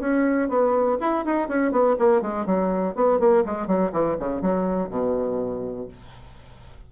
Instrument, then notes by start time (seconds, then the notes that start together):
bassoon
0.00 C#4
0.49 B3
1.01 E4
1.26 D#4
1.49 C#4
1.72 B3
1.99 A#3
2.22 G#3
2.46 F#3
2.96 B3
3.20 A#3
3.46 G#3
3.68 F#3
3.93 E3
4.20 C#3
4.42 F#3
4.90 B2